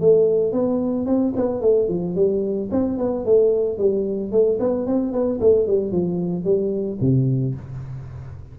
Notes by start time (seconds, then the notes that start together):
0.00 A3
0.52 B3
1.06 C4
1.36 B3
1.61 A3
1.88 F3
2.15 G3
2.71 C4
2.98 B3
3.25 A3
3.78 G3
4.31 A3
4.59 B3
4.86 C4
5.12 B3
5.40 A3
5.67 G3
5.91 F3
6.44 G3
7.01 C3